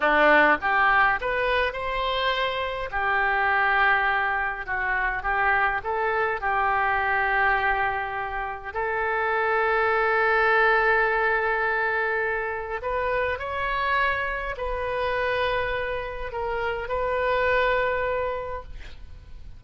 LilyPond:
\new Staff \with { instrumentName = "oboe" } { \time 4/4 \tempo 4 = 103 d'4 g'4 b'4 c''4~ | c''4 g'2. | fis'4 g'4 a'4 g'4~ | g'2. a'4~ |
a'1~ | a'2 b'4 cis''4~ | cis''4 b'2. | ais'4 b'2. | }